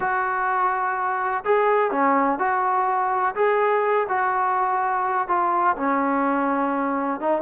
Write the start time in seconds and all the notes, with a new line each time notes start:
0.00 F#4
1.44 G#4
1.91 C#4
2.38 F#4
3.35 G#4
4.08 F#4
5.28 F4
5.76 C#4
7.20 D#4